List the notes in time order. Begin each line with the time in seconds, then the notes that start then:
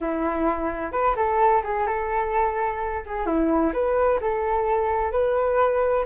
0.00 E4
0.92 B4
1.15 A4
1.63 G#4
1.86 A4
3.05 G#4
3.26 E4
3.73 B4
4.20 A4
5.11 B4